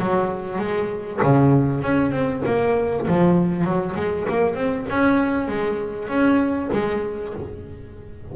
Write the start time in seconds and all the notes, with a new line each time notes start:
0.00 F#3
0.59 G#3
1.23 C#3
1.83 C#4
2.12 C4
2.46 A#3
3.08 F3
3.65 F#3
3.96 G#3
4.29 A#3
4.55 C4
4.90 C#4
5.48 G#3
6.09 C#4
6.73 G#3